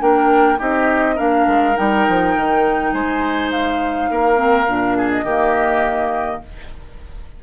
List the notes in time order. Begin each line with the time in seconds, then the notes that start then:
0.00 A#3 D4 A#4 G5
0.58 C4 D#4 G4 D#5
1.16 A#3 D4 A#4 F5
1.48 G#3
1.75 G3 D#4 G5
2.09 F3
2.37 D#3
2.93 G#3 C5 G#5
3.52 F5
4.11 A#3 A#4
4.36 C4
4.68 A#2 D4
4.98 G#4
5.11 D#5
5.24 D#3 A#3 G4